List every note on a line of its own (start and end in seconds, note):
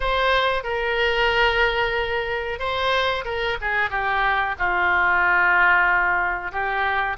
0.00 0.63 C5
0.63 2.59 A#4
2.59 3.24 C5
3.25 3.57 A#4
3.61 3.90 G#4
3.90 4.55 G4
4.59 6.51 F4
6.51 7.16 G4